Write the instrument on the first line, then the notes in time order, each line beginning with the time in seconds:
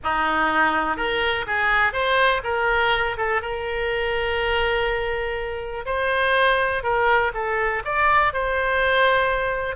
oboe
0.03 D#4
0.96 A#4
1.47 G#4
1.92 C5
2.43 A#4
3.17 A4
3.41 A#4
5.85 C5
6.83 A#4
7.33 A4
7.84 D5
8.33 C5